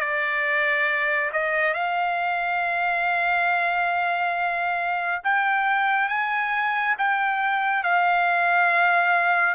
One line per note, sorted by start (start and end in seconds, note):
0.00 1.30 D5
1.32 1.74 D#5
1.74 5.22 F5
5.24 6.09 G5
6.09 6.96 G#5
6.98 7.83 G5
7.83 9.55 F5